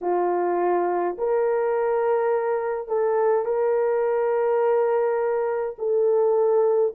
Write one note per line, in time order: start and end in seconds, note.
0.01 1.16 F4
1.18 2.88 A#4
2.88 3.45 A4
3.45 5.75 A#4
5.78 6.93 A4